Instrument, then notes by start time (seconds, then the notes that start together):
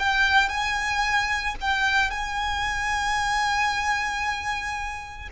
violin
0.00 G5
0.49 G#5
1.61 G5
2.11 G#5